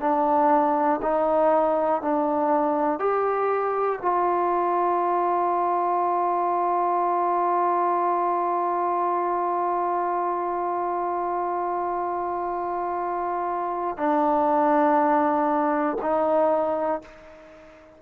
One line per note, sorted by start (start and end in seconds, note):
0.00 1.00 D4
1.02 2.01 D#4
2.01 2.99 D4
2.99 3.99 G4
4.01 13.97 F4
13.97 15.97 D4
16.01 17.01 D#4